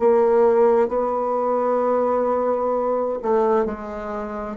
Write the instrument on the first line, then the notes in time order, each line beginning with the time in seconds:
bassoon
0.00 A#3
0.89 B3
3.23 A3
3.65 G#3